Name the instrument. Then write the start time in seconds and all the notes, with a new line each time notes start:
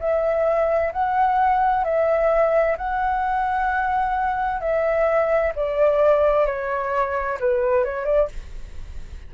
flute
0.00 E5
0.93 F#5
1.85 E5
2.78 F#5
4.61 E5
5.56 D5
6.47 C#5
7.40 B4
7.85 C#5
8.06 D5